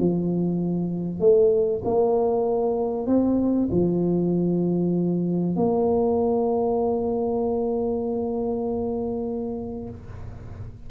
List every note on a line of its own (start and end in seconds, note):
0.00 1.20 F3
1.20 1.82 A3
1.85 3.07 A#3
3.07 3.69 C4
3.71 5.56 F3
5.56 9.89 A#3